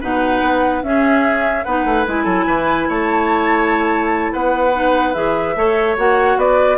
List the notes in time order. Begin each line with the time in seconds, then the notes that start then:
0.00 B2 D#4 B4 F#5
0.41 B3
0.83 C#4 G#4 E5
1.64 B3 D#4 B4 F#5
1.85 A3
2.06 G#3 E4 G#5
2.24 F#3 A4
2.47 E3 B4
2.88 A3 C#5 A5
4.32 B3 B4 F#5
4.74 D#4
5.13 E3 G#4 E5
5.55 A3 A4 C#5
5.97 A#3 F#4 F#5
6.36 B3 B4 D5